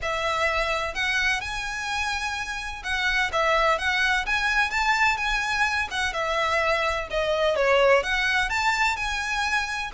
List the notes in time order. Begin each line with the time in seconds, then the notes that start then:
0.02 E5
0.94 F#5
1.40 G#5
2.83 F#5
3.32 E5
3.78 F#5
4.25 G#5
4.70 A5
5.17 G#5
5.90 F#5
6.13 E5
7.10 D#5
7.56 C#5
8.03 F#5
8.49 A5
8.96 G#5